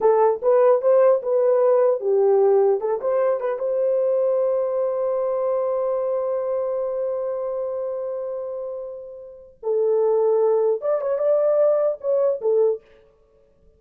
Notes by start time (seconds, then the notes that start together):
0.00 A4
0.42 B4
0.81 C5
1.22 B4
2.00 G4
2.80 A4
3.01 C5
3.40 B4
3.59 C5
9.62 A4
10.81 D5
11.01 C#5
11.18 D5
12.00 C#5
12.41 A4